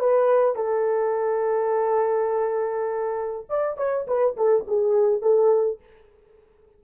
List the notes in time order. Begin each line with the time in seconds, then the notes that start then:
0.00 B4
0.56 A4
3.50 D5
3.78 C#5
4.08 B4
4.37 A4
4.68 G#4
5.22 A4